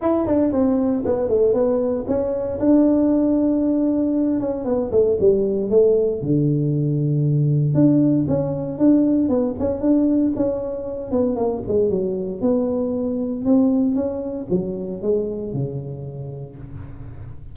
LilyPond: \new Staff \with { instrumentName = "tuba" } { \time 4/4 \tempo 4 = 116 e'8 d'8 c'4 b8 a8 b4 | cis'4 d'2.~ | d'8 cis'8 b8 a8 g4 a4 | d2. d'4 |
cis'4 d'4 b8 cis'8 d'4 | cis'4. b8 ais8 gis8 fis4 | b2 c'4 cis'4 | fis4 gis4 cis2 | }